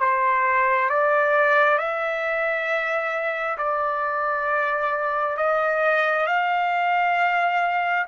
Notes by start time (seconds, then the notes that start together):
0.00 C5
0.90 D5
1.79 E5
3.58 D5
5.37 D#5
6.27 F5